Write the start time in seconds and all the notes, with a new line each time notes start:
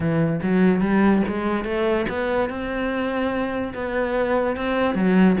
0.00 E3
0.42 F#3
0.81 G3
1.28 G#3
1.64 A3
2.08 B3
2.49 C4
3.74 B3
4.56 C4
4.94 F#3